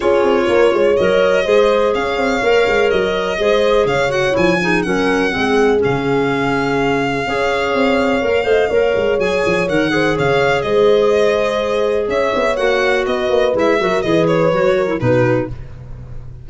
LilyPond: <<
  \new Staff \with { instrumentName = "violin" } { \time 4/4 \tempo 4 = 124 cis''2 dis''2 | f''2 dis''2 | f''8 fis''8 gis''4 fis''2 | f''1~ |
f''2. gis''4 | fis''4 f''4 dis''2~ | dis''4 e''4 fis''4 dis''4 | e''4 dis''8 cis''4. b'4 | }
  \new Staff \with { instrumentName = "horn" } { \time 4/4 gis'4 ais'8 cis''4. c''4 | cis''2. c''4 | cis''4. gis'8 ais'4 gis'4~ | gis'2. cis''4~ |
cis''4. dis''8 cis''2~ | cis''8 c''8 cis''4 c''2~ | c''4 cis''2 b'4~ | b'8 ais'8 b'4. ais'8 fis'4 | }
  \new Staff \with { instrumentName = "clarinet" } { \time 4/4 f'2 ais'4 gis'4~ | gis'4 ais'2 gis'4~ | gis'8 fis'8 e'8 dis'8 cis'4 c'4 | cis'2. gis'4~ |
gis'4 ais'8 c''8 ais'4 gis'4 | ais'8 gis'2.~ gis'8~ | gis'2 fis'2 | e'8 fis'8 gis'4 fis'8. e'16 dis'4 | }
  \new Staff \with { instrumentName = "tuba" } { \time 4/4 cis'8 c'8 ais8 gis8 fis4 gis4 | cis'8 c'8 ais8 gis8 fis4 gis4 | cis4 f4 fis4 gis4 | cis2. cis'4 |
c'4 ais8 a8 ais8 gis8 fis8 f8 | dis4 cis4 gis2~ | gis4 cis'8 b8 ais4 b8 ais8 | gis8 fis8 e4 fis4 b,4 | }
>>